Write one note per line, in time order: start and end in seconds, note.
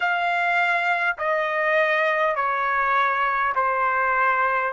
0.00 1.16 F5
1.18 2.35 D#5
2.35 3.53 C#5
3.55 4.72 C5